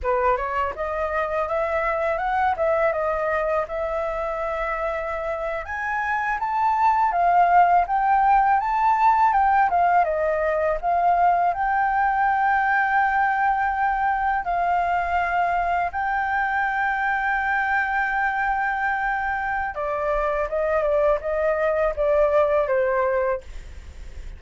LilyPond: \new Staff \with { instrumentName = "flute" } { \time 4/4 \tempo 4 = 82 b'8 cis''8 dis''4 e''4 fis''8 e''8 | dis''4 e''2~ e''8. gis''16~ | gis''8. a''4 f''4 g''4 a''16~ | a''8. g''8 f''8 dis''4 f''4 g''16~ |
g''2.~ g''8. f''16~ | f''4.~ f''16 g''2~ g''16~ | g''2. d''4 | dis''8 d''8 dis''4 d''4 c''4 | }